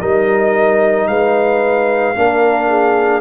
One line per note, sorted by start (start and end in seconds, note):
0.00 1.07 G3
0.00 2.14 D#4
0.00 1.08 A#4
0.00 1.07 D#5
1.07 2.14 G#3
1.07 2.17 B4
1.07 3.21 F5
2.15 3.21 A#3
2.15 3.21 D4
2.15 2.68 A#4
2.68 3.21 G#4